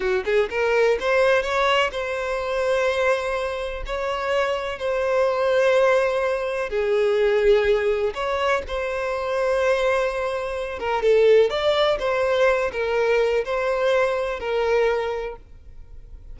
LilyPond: \new Staff \with { instrumentName = "violin" } { \time 4/4 \tempo 4 = 125 fis'8 gis'8 ais'4 c''4 cis''4 | c''1 | cis''2 c''2~ | c''2 gis'2~ |
gis'4 cis''4 c''2~ | c''2~ c''8 ais'8 a'4 | d''4 c''4. ais'4. | c''2 ais'2 | }